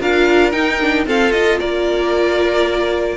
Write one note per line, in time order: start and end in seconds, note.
0.00 0.54 D4
0.00 0.53 F4
0.00 1.06 A#4
0.00 0.52 F5
0.52 0.79 D#4
0.52 1.07 D#4
0.52 1.05 G5
0.82 1.07 D4
1.07 1.33 C4
1.07 1.60 F4
1.07 1.60 A4
1.07 1.32 F5
1.32 3.17 F4
1.32 1.58 D#5
1.60 3.17 A#3
1.60 3.17 A#4
1.60 3.17 D5